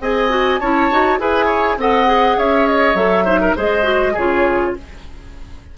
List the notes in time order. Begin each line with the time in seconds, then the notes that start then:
0.00 C4 G#4 D#5 G#5
0.29 F#4
0.59 C#4 E4 C#5 A5
0.91 D#4 F#4
1.19 E4 G#4 B4 G#5
1.45 C#5
1.77 C4 A4 D#5 F#5
2.06 G#4
2.38 C#4 C#5 E5
2.68 D#5
2.95 F#3 A4 E5
3.25 D#4 C5
3.41 A#4
3.56 G#3 G#4 C5 D#5
3.83 F#4
4.13 C#3 F4 G#4 C#5